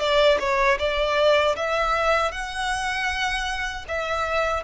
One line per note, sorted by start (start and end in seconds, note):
0.00 0.38 D5
0.40 0.78 C#5
0.79 1.56 D5
1.56 2.32 E5
2.32 3.86 F#5
3.89 4.64 E5